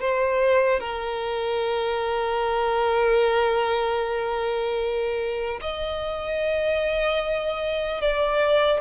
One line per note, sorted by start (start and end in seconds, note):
0.00 0.80 C5
0.80 5.60 A#4
5.61 8.01 D#5
8.01 8.80 D5